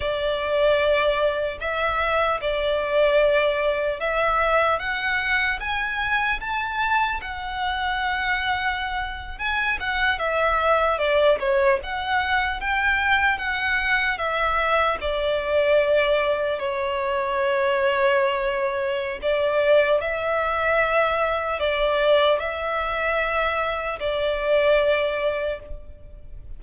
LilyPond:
\new Staff \with { instrumentName = "violin" } { \time 4/4 \tempo 4 = 75 d''2 e''4 d''4~ | d''4 e''4 fis''4 gis''4 | a''4 fis''2~ fis''8. gis''16~ | gis''16 fis''8 e''4 d''8 cis''8 fis''4 g''16~ |
g''8. fis''4 e''4 d''4~ d''16~ | d''8. cis''2.~ cis''16 | d''4 e''2 d''4 | e''2 d''2 | }